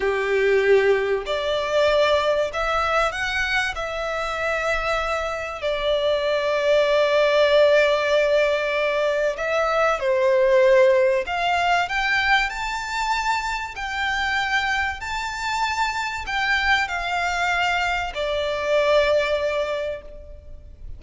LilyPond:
\new Staff \with { instrumentName = "violin" } { \time 4/4 \tempo 4 = 96 g'2 d''2 | e''4 fis''4 e''2~ | e''4 d''2.~ | d''2. e''4 |
c''2 f''4 g''4 | a''2 g''2 | a''2 g''4 f''4~ | f''4 d''2. | }